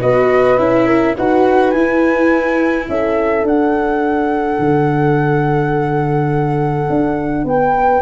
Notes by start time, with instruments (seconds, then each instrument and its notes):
0.00 tuba B3, viola F#4, horn B4, flute D#5
0.58 tuba C#4, viola E4, flute E5
0.87 horn A#4
1.17 tuba D#4, viola F#4, horn B4, flute F#5
1.71 tuba E4, viola E4, flute G#5
2.88 tuba C#4, horn A4, flute E5
3.43 tuba D4, viola D4, flute F#5
4.59 tuba D3
6.90 tuba D4
7.45 tuba B3, horn B4, flute G5